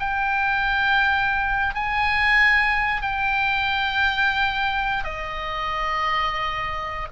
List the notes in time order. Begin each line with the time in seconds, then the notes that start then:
0.00 G5
1.75 G#5
3.02 G5
5.04 D#5